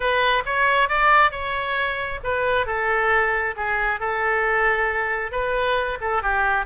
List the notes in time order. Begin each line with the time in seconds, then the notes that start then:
0.00 B4
0.45 C#5
0.88 D5
1.31 C#5
2.23 B4
2.66 A4
3.56 G#4
4.00 A4
5.31 B4
6.00 A4
6.22 G4